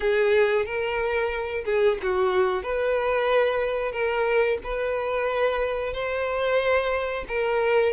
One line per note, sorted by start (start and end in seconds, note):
0.00 0.65 G#4
0.65 1.64 A#4
1.65 1.98 G#4
2.02 2.62 F#4
2.62 3.92 B4
3.92 4.58 A#4
4.63 5.93 B4
5.93 7.25 C5
7.28 7.93 A#4